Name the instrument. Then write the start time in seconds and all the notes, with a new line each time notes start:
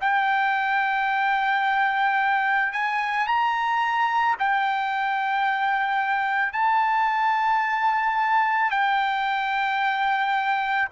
trumpet
0.00 G5
2.72 G#5
3.27 A#5
4.39 G5
6.53 A5
8.70 G5